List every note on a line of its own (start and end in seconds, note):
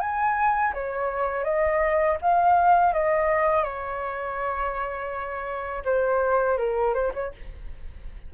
0.00 0.73 G#5
0.74 1.44 C#5
1.44 2.17 D#5
2.22 2.93 F5
2.93 3.64 D#5
3.64 5.83 C#5
5.84 6.58 C5
6.58 6.94 A#4
6.94 7.12 C5
7.13 7.32 C#5